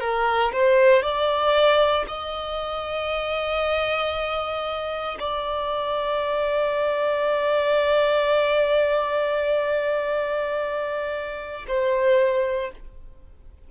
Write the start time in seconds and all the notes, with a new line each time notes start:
0.00 A#4
0.52 C5
1.02 D5
2.07 D#5
5.19 D5
11.68 C5